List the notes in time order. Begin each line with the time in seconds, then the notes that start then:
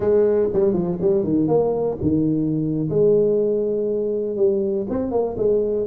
0.00 G#3
0.53 G3
0.73 F3
1.01 G3
1.23 D#3
1.47 A#3
2.01 D#3
2.89 G#3
4.36 G3
4.89 C4
5.11 A#3
5.37 G#3